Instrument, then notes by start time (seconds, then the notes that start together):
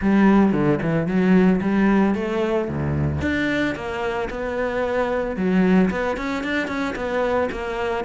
cello
0.01 G3
0.52 D3
0.82 E3
1.06 F#3
1.61 G3
2.15 A3
2.68 D2
3.21 D4
3.75 A#3
4.30 B3
5.36 F#3
5.90 B3
6.16 C#4
6.43 D4
6.67 C#4
6.95 B3
7.51 A#3